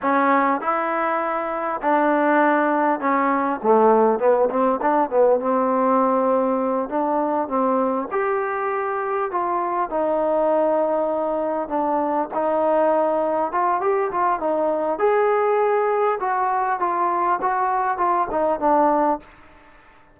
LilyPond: \new Staff \with { instrumentName = "trombone" } { \time 4/4 \tempo 4 = 100 cis'4 e'2 d'4~ | d'4 cis'4 a4 b8 c'8 | d'8 b8 c'2~ c'8 d'8~ | d'8 c'4 g'2 f'8~ |
f'8 dis'2. d'8~ | d'8 dis'2 f'8 g'8 f'8 | dis'4 gis'2 fis'4 | f'4 fis'4 f'8 dis'8 d'4 | }